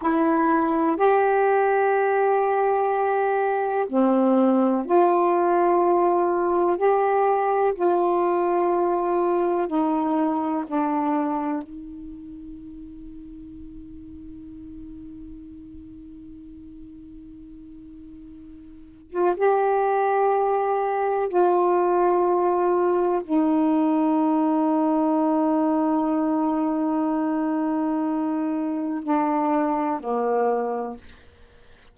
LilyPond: \new Staff \with { instrumentName = "saxophone" } { \time 4/4 \tempo 4 = 62 e'4 g'2. | c'4 f'2 g'4 | f'2 dis'4 d'4 | dis'1~ |
dis'2.~ dis'8. f'16 | g'2 f'2 | dis'1~ | dis'2 d'4 ais4 | }